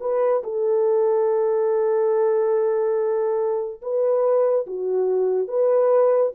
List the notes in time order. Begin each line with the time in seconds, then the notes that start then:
0.00 B4
0.43 A4
3.82 B4
4.66 F#4
5.48 B4